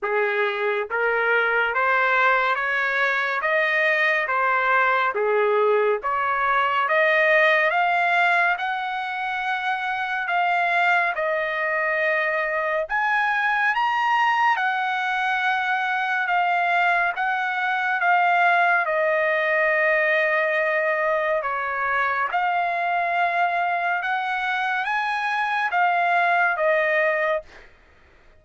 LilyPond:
\new Staff \with { instrumentName = "trumpet" } { \time 4/4 \tempo 4 = 70 gis'4 ais'4 c''4 cis''4 | dis''4 c''4 gis'4 cis''4 | dis''4 f''4 fis''2 | f''4 dis''2 gis''4 |
ais''4 fis''2 f''4 | fis''4 f''4 dis''2~ | dis''4 cis''4 f''2 | fis''4 gis''4 f''4 dis''4 | }